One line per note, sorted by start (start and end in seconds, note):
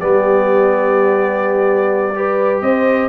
0.00 2.62 G3
0.00 2.15 B3
0.00 2.14 G4
0.00 2.62 D5
2.15 3.09 G4
2.15 2.64 B4
2.62 3.09 C4
2.62 3.09 C5
2.62 3.09 D#5